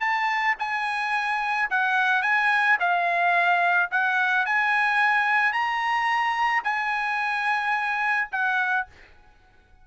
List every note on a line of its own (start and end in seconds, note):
0.00 0.55 A5
0.59 1.69 G#5
1.70 2.22 F#5
2.22 2.77 G#5
2.80 3.90 F5
3.91 4.46 F#5
4.46 5.52 G#5
5.52 6.63 A#5
6.64 8.29 G#5
8.31 8.86 F#5